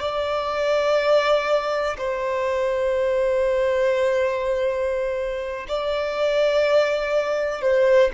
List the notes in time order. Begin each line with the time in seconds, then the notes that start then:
0.00 D5
1.98 C5
5.68 D5
7.61 C5